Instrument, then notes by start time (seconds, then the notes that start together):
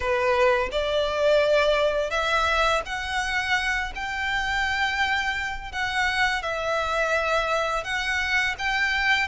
violin
0.00 B4
0.71 D5
2.10 E5
2.85 F#5
3.95 G5
5.72 F#5
6.42 E5
7.83 F#5
8.58 G5